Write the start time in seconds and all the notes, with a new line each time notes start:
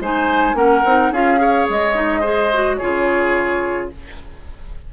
0.00 G#3 D#4 C5 G#5
0.54 A#3 C#4 A#4 F#5
0.85 C4 D#4
1.11 C#4 F4 G#4 F5
1.38 G#4 C#5
1.69 G#3 D#5
1.94 D#4
2.20 G#4 C5
2.54 F#4
2.76 C#3 F4 G#4 C#5